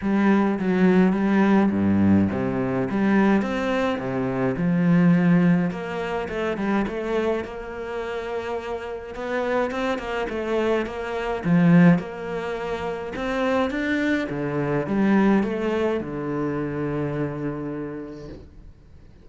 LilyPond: \new Staff \with { instrumentName = "cello" } { \time 4/4 \tempo 4 = 105 g4 fis4 g4 g,4 | c4 g4 c'4 c4 | f2 ais4 a8 g8 | a4 ais2. |
b4 c'8 ais8 a4 ais4 | f4 ais2 c'4 | d'4 d4 g4 a4 | d1 | }